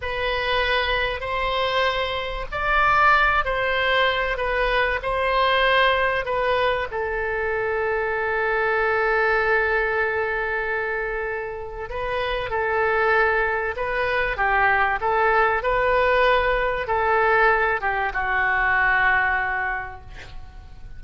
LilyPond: \new Staff \with { instrumentName = "oboe" } { \time 4/4 \tempo 4 = 96 b'2 c''2 | d''4. c''4. b'4 | c''2 b'4 a'4~ | a'1~ |
a'2. b'4 | a'2 b'4 g'4 | a'4 b'2 a'4~ | a'8 g'8 fis'2. | }